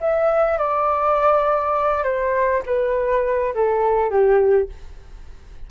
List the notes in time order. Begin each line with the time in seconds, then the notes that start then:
0.00 E5
0.57 D5
2.03 C5
2.66 B4
3.54 A4
4.10 G4